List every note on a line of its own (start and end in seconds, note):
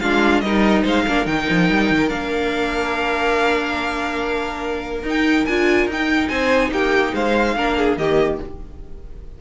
0.00 0.42 G#3
0.00 0.44 D4
0.00 0.43 F4
0.00 0.40 F5
0.40 0.84 G3
0.40 1.08 D#4
0.40 0.84 A#4
0.40 0.82 D#5
0.84 1.06 G#3
0.84 1.05 C5
0.84 1.26 F5
1.07 1.26 A#3
1.07 1.25 D4
1.07 6.28 A#4
1.25 1.47 D#3
1.25 2.09 D#4
1.25 2.09 G5
1.50 1.70 F3
1.70 1.91 G3
1.91 2.11 D#3
2.09 5.03 A#3
2.09 5.02 D4
2.09 5.03 F5
5.03 5.45 D#4
5.03 5.48 D#4
5.03 5.45 G5
5.45 5.87 D4
5.45 5.91 F4
5.45 5.87 G#5
5.87 6.29 D#4
5.87 7.57 D#4
5.87 6.28 G5
6.28 6.71 C4
6.28 6.70 C5
6.28 6.70 G#5
6.71 7.13 A#3
6.71 7.14 G4
6.71 7.15 G5
7.14 7.56 G#3
7.14 7.56 C5
7.14 7.97 F5
7.56 7.97 A#3
7.56 7.99 D4
7.56 7.78 A#4
7.78 7.99 G#4
7.97 8.39 D#3
7.97 8.41 A#3
7.97 8.40 G4
7.97 8.39 D#5